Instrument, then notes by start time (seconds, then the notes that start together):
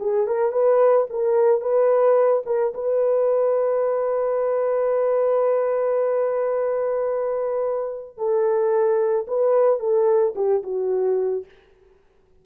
horn
0.00 G#4
0.27 A#4
0.52 B4
1.10 A#4
1.61 B4
2.46 A#4
2.74 B4
8.18 A4
9.28 B4
9.80 A4
10.36 G4
10.63 F#4